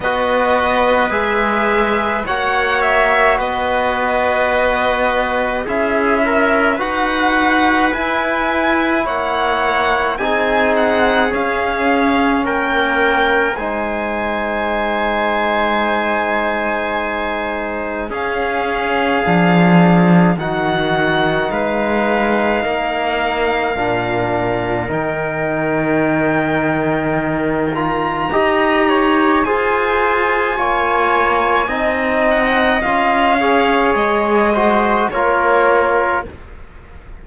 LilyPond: <<
  \new Staff \with { instrumentName = "violin" } { \time 4/4 \tempo 4 = 53 dis''4 e''4 fis''8 e''8 dis''4~ | dis''4 e''4 fis''4 gis''4 | fis''4 gis''8 fis''8 f''4 g''4 | gis''1 |
f''2 fis''4 f''4~ | f''2 g''2~ | g''8 ais''4. gis''2~ | gis''8 fis''8 f''4 dis''4 cis''4 | }
  \new Staff \with { instrumentName = "trumpet" } { \time 4/4 b'2 cis''4 b'4~ | b'4 gis'8 ais'8 b'2 | cis''4 gis'2 ais'4 | c''1 |
gis'2 fis'4 b'4 | ais'1~ | ais'4 dis''8 cis''8 c''4 cis''4 | dis''4. cis''4 c''8 ais'4 | }
  \new Staff \with { instrumentName = "trombone" } { \time 4/4 fis'4 gis'4 fis'2~ | fis'4 e'4 fis'4 e'4~ | e'4 dis'4 cis'2 | dis'1 |
cis'4 d'4 dis'2~ | dis'4 d'4 dis'2~ | dis'8 f'8 g'4 gis'4 f'4 | dis'4 f'8 gis'4 fis'8 f'4 | }
  \new Staff \with { instrumentName = "cello" } { \time 4/4 b4 gis4 ais4 b4~ | b4 cis'4 dis'4 e'4 | ais4 c'4 cis'4 ais4 | gis1 |
cis'4 f4 dis4 gis4 | ais4 ais,4 dis2~ | dis4 dis'4 f'4 ais4 | c'4 cis'4 gis4 ais4 | }
>>